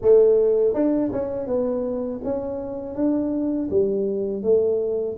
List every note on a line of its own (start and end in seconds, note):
0.01 0.74 A3
0.74 1.11 D4
1.12 1.46 C#4
1.46 2.21 B3
2.24 2.95 C#4
2.95 3.69 D4
3.70 4.42 G3
4.42 5.17 A3